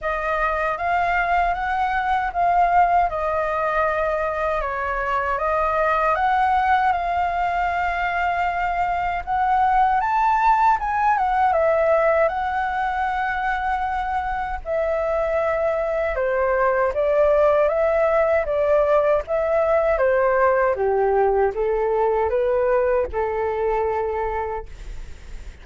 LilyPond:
\new Staff \with { instrumentName = "flute" } { \time 4/4 \tempo 4 = 78 dis''4 f''4 fis''4 f''4 | dis''2 cis''4 dis''4 | fis''4 f''2. | fis''4 a''4 gis''8 fis''8 e''4 |
fis''2. e''4~ | e''4 c''4 d''4 e''4 | d''4 e''4 c''4 g'4 | a'4 b'4 a'2 | }